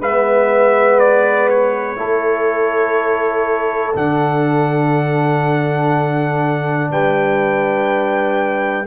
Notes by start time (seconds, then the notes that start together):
0.00 G#3 B3 B4 E5
1.00 D5
1.49 C#5
1.96 A3 E4 A4
3.94 D3 D4 F#5
6.91 G3 B4 G5